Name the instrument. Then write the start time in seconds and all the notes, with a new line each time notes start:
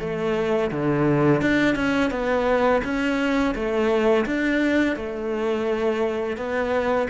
cello
0.00 A3
0.71 D3
1.41 D4
1.76 C#4
2.11 B3
2.84 C#4
3.55 A3
4.26 D4
4.97 A3
6.37 B3